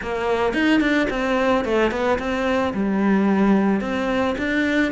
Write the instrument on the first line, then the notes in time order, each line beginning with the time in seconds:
cello
0.02 A#3
0.53 D#4
0.80 D4
1.10 C4
1.64 A3
1.91 B3
2.18 C4
2.73 G3
3.81 C4
4.38 D4